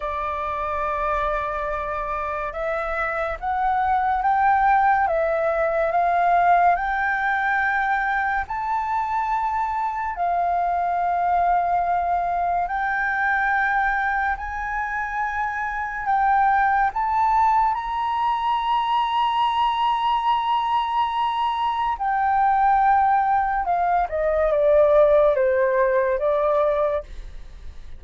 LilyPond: \new Staff \with { instrumentName = "flute" } { \time 4/4 \tempo 4 = 71 d''2. e''4 | fis''4 g''4 e''4 f''4 | g''2 a''2 | f''2. g''4~ |
g''4 gis''2 g''4 | a''4 ais''2.~ | ais''2 g''2 | f''8 dis''8 d''4 c''4 d''4 | }